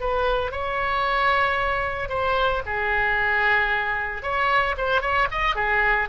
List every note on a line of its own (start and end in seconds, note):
0.00 0.51 B4
0.51 2.09 C#5
2.09 2.62 C5
2.66 4.22 G#4
4.22 4.75 C#5
4.77 5.01 C5
5.01 5.28 C#5
5.31 5.55 D#5
5.55 6.08 G#4